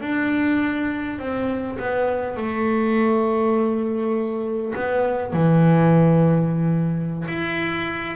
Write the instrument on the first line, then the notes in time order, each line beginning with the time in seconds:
double bass
0.00 D4
1.19 C4
1.78 B3
2.36 A3
4.75 B3
5.33 E3
7.28 E4